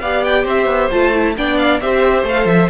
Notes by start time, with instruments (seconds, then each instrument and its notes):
0.00 cello B3, viola G4, violin D5 F5
0.23 violin G5
0.43 cello C4, violin C5 E5
0.65 cello B3
0.90 cello A3, viola F4, violin A5
1.13 viola E4
1.37 cello B3, viola D4, violin D5 G5
1.57 violin F5
1.80 cello C4, viola G4, violin C5 E5
2.22 cello A3, viola A4, violin F5
2.45 cello F3, violin E5